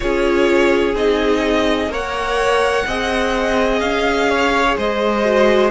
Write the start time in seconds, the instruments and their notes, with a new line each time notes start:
0.00 cello C#4, viola F4, violin G#4 C#5
0.94 cello C4, viola D#4, violin D#5
1.88 cello A#3, viola A#4, violin C#5 F#5
2.87 cello C4, viola G#4, violin D#5
3.79 cello C#4, violin F5
4.30 violin C#5
4.77 cello G#3, violin C5 D#5
5.23 viola F#4